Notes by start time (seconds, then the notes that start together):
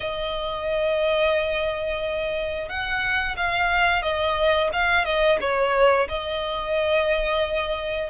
0.00 D#5
2.68 F#5
3.36 F5
4.02 D#5
4.73 F5
5.04 D#5
5.40 C#5
6.08 D#5